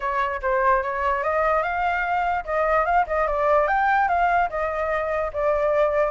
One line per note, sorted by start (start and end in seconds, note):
0.00 0.40 C#5
0.42 0.82 C5
0.83 1.23 C#5
1.23 1.63 D#5
1.63 2.44 F5
2.44 2.85 D#5
2.85 3.05 F5
3.06 3.27 D#5
3.27 3.67 D5
3.67 4.08 G5
4.08 4.49 F5
4.49 5.31 D#5
5.33 6.11 D5